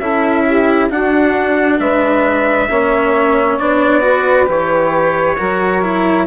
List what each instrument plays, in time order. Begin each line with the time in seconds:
0.00 bassoon C#4, cello E4, saxophone A4, trumpet E5
0.46 saxophone G4
0.90 cello D4, bassoon D4, saxophone F#4, trumpet F#5
1.80 bassoon G#3, saxophone B4, trumpet E5
2.70 bassoon A#3, cello C#4, saxophone C#5
3.59 bassoon B3, cello D4, trumpet D5
4.01 cello F#4, saxophone B4
4.46 bassoon E3, cello G4, trumpet C#5
5.37 bassoon F#3, cello F#4, saxophone A#4
5.82 cello E4